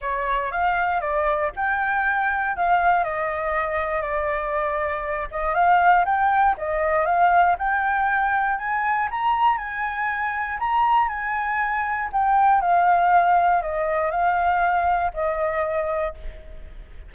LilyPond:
\new Staff \with { instrumentName = "flute" } { \time 4/4 \tempo 4 = 119 cis''4 f''4 d''4 g''4~ | g''4 f''4 dis''2 | d''2~ d''8 dis''8 f''4 | g''4 dis''4 f''4 g''4~ |
g''4 gis''4 ais''4 gis''4~ | gis''4 ais''4 gis''2 | g''4 f''2 dis''4 | f''2 dis''2 | }